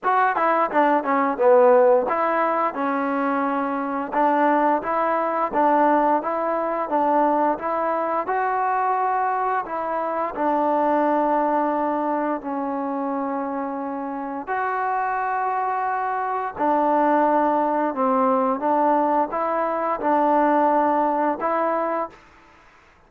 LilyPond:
\new Staff \with { instrumentName = "trombone" } { \time 4/4 \tempo 4 = 87 fis'8 e'8 d'8 cis'8 b4 e'4 | cis'2 d'4 e'4 | d'4 e'4 d'4 e'4 | fis'2 e'4 d'4~ |
d'2 cis'2~ | cis'4 fis'2. | d'2 c'4 d'4 | e'4 d'2 e'4 | }